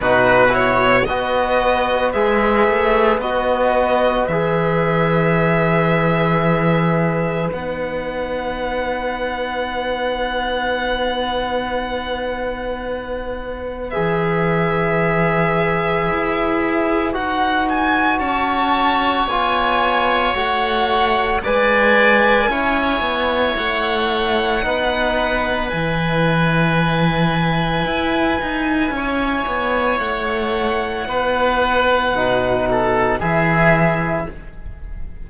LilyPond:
<<
  \new Staff \with { instrumentName = "violin" } { \time 4/4 \tempo 4 = 56 b'8 cis''8 dis''4 e''4 dis''4 | e''2. fis''4~ | fis''1~ | fis''4 e''2. |
fis''8 gis''8 a''4 gis''4 fis''4 | gis''2 fis''2 | gis''1 | fis''2. e''4 | }
  \new Staff \with { instrumentName = "oboe" } { \time 4/4 fis'4 b'2.~ | b'1~ | b'1~ | b'1~ |
b'4 cis''2. | d''4 cis''2 b'4~ | b'2. cis''4~ | cis''4 b'4. a'8 gis'4 | }
  \new Staff \with { instrumentName = "trombone" } { \time 4/4 dis'8 e'8 fis'4 gis'4 fis'4 | gis'2. dis'4~ | dis'1~ | dis'4 gis'2. |
fis'2 f'4 fis'4 | b'4 e'2 dis'4 | e'1~ | e'2 dis'4 e'4 | }
  \new Staff \with { instrumentName = "cello" } { \time 4/4 b,4 b4 gis8 a8 b4 | e2. b4~ | b1~ | b4 e2 e'4 |
dis'4 cis'4 b4 a4 | gis4 cis'8 b8 a4 b4 | e2 e'8 dis'8 cis'8 b8 | a4 b4 b,4 e4 | }
>>